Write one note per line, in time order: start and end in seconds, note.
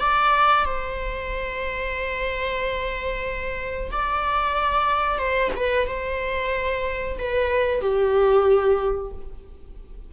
0.00 0.65 D5
0.65 3.91 C5
3.92 5.18 D5
5.18 5.51 C5
5.56 5.87 B4
5.87 7.18 C5
7.19 7.81 B4
7.81 9.12 G4